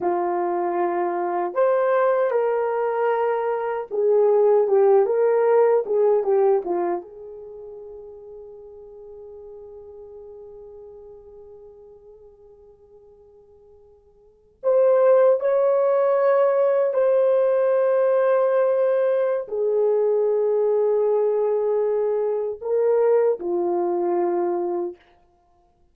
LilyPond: \new Staff \with { instrumentName = "horn" } { \time 4/4 \tempo 4 = 77 f'2 c''4 ais'4~ | ais'4 gis'4 g'8 ais'4 gis'8 | g'8 f'8 gis'2.~ | gis'1~ |
gis'2~ gis'8. c''4 cis''16~ | cis''4.~ cis''16 c''2~ c''16~ | c''4 gis'2.~ | gis'4 ais'4 f'2 | }